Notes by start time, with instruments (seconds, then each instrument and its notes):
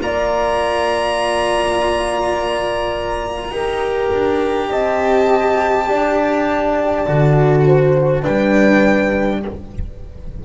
0.00 double bass A#3, cello F4, horn D5, violin A#5
3.50 double bass D#4, cello G4, horn A#4
4.12 double bass D4
4.69 double bass C4, horn D#5, violin A5
5.88 double bass D4, horn D5
7.07 double bass D3, cello F#4
7.66 horn C5
8.22 double bass G3, cello D4, horn B4, violin G5